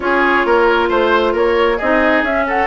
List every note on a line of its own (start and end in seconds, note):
0.00 0.44 C#4
0.00 1.78 F4
0.00 0.46 G#4
0.00 0.88 C#5
0.45 0.89 A#3
0.45 0.88 A#4
0.88 1.34 A3
0.88 1.32 C5
0.88 1.35 C5
1.32 1.78 A#3
1.32 1.77 A#4
1.32 1.78 C#5
1.77 2.22 C4
1.77 2.26 D#4
1.77 2.44 G#4
1.77 2.23 D#5
2.22 2.66 C#4
2.22 2.46 E5
2.47 2.66 A4
2.47 2.66 F#5